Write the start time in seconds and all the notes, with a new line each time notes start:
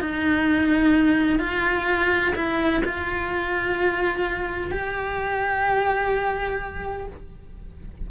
0.00 D#4
1.39 F4
2.35 E4
2.84 F4
4.71 G4